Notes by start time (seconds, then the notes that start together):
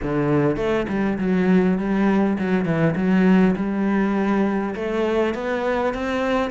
0.02 D3
0.56 A3
0.88 G3
1.18 F#3
1.78 G3
2.38 F#3
2.65 E3
2.95 F#3
3.56 G3
4.75 A3
5.34 B3
5.94 C4